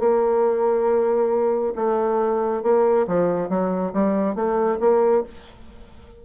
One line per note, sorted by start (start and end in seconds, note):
0.00 1.74 A#3
1.76 2.63 A3
2.63 3.07 A#3
3.08 3.49 F3
3.49 3.93 F#3
3.93 4.35 G3
4.35 4.79 A3
4.80 5.24 A#3